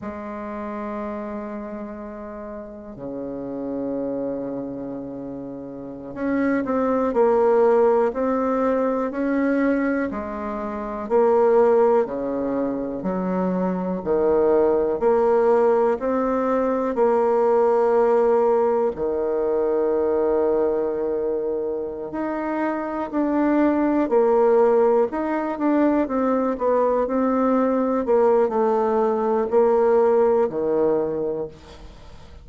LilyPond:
\new Staff \with { instrumentName = "bassoon" } { \time 4/4 \tempo 4 = 61 gis2. cis4~ | cis2~ cis16 cis'8 c'8 ais8.~ | ais16 c'4 cis'4 gis4 ais8.~ | ais16 cis4 fis4 dis4 ais8.~ |
ais16 c'4 ais2 dis8.~ | dis2~ dis8 dis'4 d'8~ | d'8 ais4 dis'8 d'8 c'8 b8 c'8~ | c'8 ais8 a4 ais4 dis4 | }